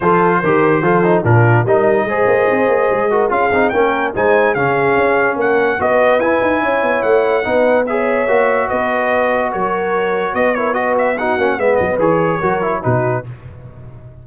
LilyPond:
<<
  \new Staff \with { instrumentName = "trumpet" } { \time 4/4 \tempo 4 = 145 c''2. ais'4 | dis''1 | f''4 g''4 gis''4 f''4~ | f''4 fis''4 dis''4 gis''4~ |
gis''4 fis''2 e''4~ | e''4 dis''2 cis''4~ | cis''4 dis''8 cis''8 dis''8 e''8 fis''4 | e''8 dis''8 cis''2 b'4 | }
  \new Staff \with { instrumentName = "horn" } { \time 4/4 a'4 ais'4 a'4 f'4 | ais'4 c''2~ c''8 ais'8 | gis'4 ais'4 c''4 gis'4~ | gis'4 ais'4 b'2 |
cis''2 b'4 cis''4~ | cis''4 b'2 ais'4~ | ais'4 b'8 ais'8 b'4 fis'4 | b'2 ais'4 fis'4 | }
  \new Staff \with { instrumentName = "trombone" } { \time 4/4 f'4 g'4 f'8 dis'8 d'4 | dis'4 gis'2~ gis'8 fis'8 | f'8 dis'8 cis'4 dis'4 cis'4~ | cis'2 fis'4 e'4~ |
e'2 dis'4 gis'4 | fis'1~ | fis'4. e'8 fis'4 dis'8 cis'8 | b4 gis'4 fis'8 e'8 dis'4 | }
  \new Staff \with { instrumentName = "tuba" } { \time 4/4 f4 dis4 f4 ais,4 | g4 gis8 ais8 c'8 ais8 gis4 | cis'8 c'8 ais4 gis4 cis4 | cis'4 ais4 b4 e'8 dis'8 |
cis'8 b8 a4 b2 | ais4 b2 fis4~ | fis4 b2~ b8 ais8 | gis8 fis8 e4 fis4 b,4 | }
>>